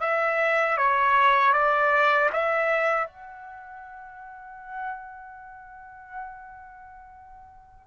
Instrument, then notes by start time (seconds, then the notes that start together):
trumpet
0.00 E5
0.77 C#5
1.52 D5
2.33 E5
3.07 F#5